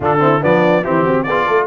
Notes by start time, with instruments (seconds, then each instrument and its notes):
0.00 tuba D3, trombone D4, horn F4, trumpet A4
0.19 trombone C4, horn E4
0.41 tuba F3, trombone B3, horn D4, trumpet D5
0.83 tuba E3, trombone C4, horn E4, trumpet G4
1.02 tuba C4, horn F#4
1.23 tuba B3, horn G#4, trumpet D5
1.30 trombone F4
1.46 tuba A3, horn A4